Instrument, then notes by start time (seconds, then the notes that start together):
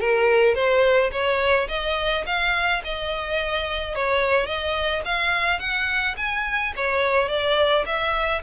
violin
0.00 A#4
0.55 C5
1.12 C#5
1.68 D#5
2.26 F5
2.84 D#5
3.95 C#5
4.46 D#5
5.05 F5
5.60 F#5
6.17 G#5
6.76 C#5
7.29 D5
7.86 E5